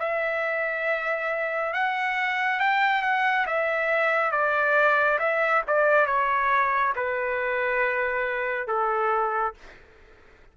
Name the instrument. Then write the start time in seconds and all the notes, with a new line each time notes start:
trumpet
0.00 E5
1.74 F#5
2.60 G5
3.03 F#5
3.47 E5
4.32 D5
5.19 E5
5.68 D5
6.07 C#5
6.96 B4
8.68 A4